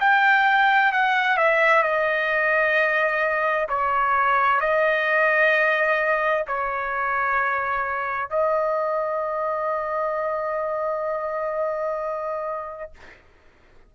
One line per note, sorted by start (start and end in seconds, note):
0.00 0.92 G5
0.92 1.37 F#5
1.37 1.83 E5
1.83 3.68 D#5
3.69 4.60 C#5
4.60 6.45 D#5
6.47 8.30 C#5
8.30 12.91 D#5